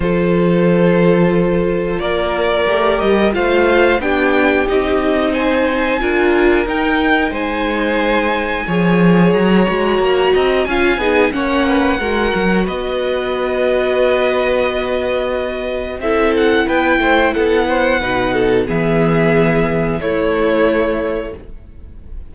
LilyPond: <<
  \new Staff \with { instrumentName = "violin" } { \time 4/4 \tempo 4 = 90 c''2. d''4~ | d''8 dis''8 f''4 g''4 dis''4 | gis''2 g''4 gis''4~ | gis''2 ais''2 |
gis''4 fis''2 dis''4~ | dis''1 | e''8 fis''8 g''4 fis''2 | e''2 cis''2 | }
  \new Staff \with { instrumentName = "violin" } { \time 4/4 a'2. ais'4~ | ais'4 c''4 g'2 | c''4 ais'2 c''4~ | c''4 cis''2~ cis''8 dis''8 |
f''8 gis'8 cis''8 b'8 ais'4 b'4~ | b'1 | a'4 b'8 c''8 a'8 c''8 b'8 a'8 | gis'2 e'2 | }
  \new Staff \with { instrumentName = "viola" } { \time 4/4 f'1 | g'4 f'4 d'4 dis'4~ | dis'4 f'4 dis'2~ | dis'4 gis'4. fis'4. |
f'8 dis'8 cis'4 fis'2~ | fis'1 | e'2. dis'4 | b2 a2 | }
  \new Staff \with { instrumentName = "cello" } { \time 4/4 f2. ais4 | a8 g8 a4 b4 c'4~ | c'4 d'4 dis'4 gis4~ | gis4 f4 fis8 gis8 ais8 c'8 |
cis'8 b8 ais4 gis8 fis8 b4~ | b1 | c'4 b8 a8 b4 b,4 | e2 a2 | }
>>